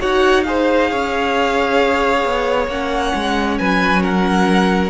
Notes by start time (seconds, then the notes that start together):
0.00 D#4 F#4 C#5 F#5
0.43 G#4 C5 F5
0.90 C#4 C#5
2.24 B3
2.67 A#3 C#4 F#5
3.14 G#3
3.58 F#3 B4 G#5
4.02 A#4 F#5